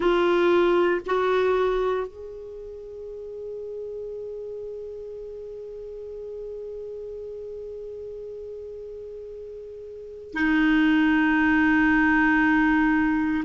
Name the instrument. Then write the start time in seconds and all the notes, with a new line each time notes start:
clarinet
0.00 F4
1.06 F#4
2.07 G#4
10.33 D#4